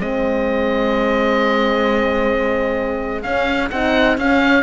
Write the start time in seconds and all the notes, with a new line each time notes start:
0.00 G#3 C4 G#4 D#5
3.23 C#4 F5
3.71 C4 D#4 F#5
4.18 C#4 F5